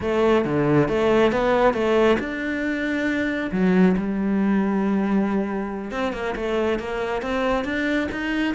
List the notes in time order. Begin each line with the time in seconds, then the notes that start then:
0.00 A3
0.44 D3
0.88 A3
1.32 B3
1.73 A3
2.19 D4
3.51 F#3
3.97 G3
5.91 C4
6.13 A#3
6.35 A3
6.79 A#3
7.22 C4
7.64 D4
8.11 D#4